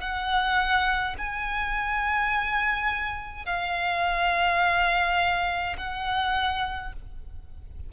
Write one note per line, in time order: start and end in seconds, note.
0.00 1.15 F#5
1.17 3.45 G#5
3.45 5.76 F5
5.77 6.92 F#5